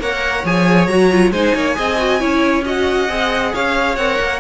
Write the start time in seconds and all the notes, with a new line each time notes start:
0.00 A#3 A#4 C#5 F#5
0.45 F3 G#4 G#5
0.87 F#3 F#4 A#5
1.11 F4
1.32 G#3 D#4 C5 G#5
1.55 A#3 C#5
1.75 C4 G#4 D#5
1.98 F#4
2.19 C#4 E4 C#5
2.65 F#4 D#5 F#5
3.09 C4 G#4
3.54 C#4 C#5 F5
3.97 C4 A#4 F#5
4.20 A#3